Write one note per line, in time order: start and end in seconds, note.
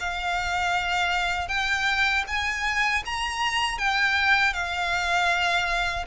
0.00 1.48 F5
1.48 2.24 G5
2.28 3.03 G#5
3.06 3.78 A#5
3.78 4.54 G5
4.54 6.06 F5